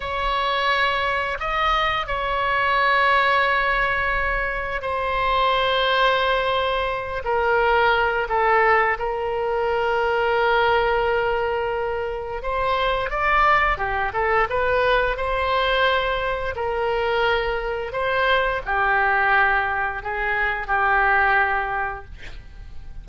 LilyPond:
\new Staff \with { instrumentName = "oboe" } { \time 4/4 \tempo 4 = 87 cis''2 dis''4 cis''4~ | cis''2. c''4~ | c''2~ c''8 ais'4. | a'4 ais'2.~ |
ais'2 c''4 d''4 | g'8 a'8 b'4 c''2 | ais'2 c''4 g'4~ | g'4 gis'4 g'2 | }